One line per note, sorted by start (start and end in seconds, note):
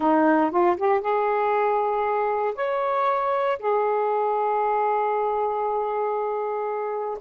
0.00 0.50 D#4
0.50 0.76 F4
0.76 1.00 G4
1.00 2.54 G#4
2.55 3.58 C#5
3.59 7.17 G#4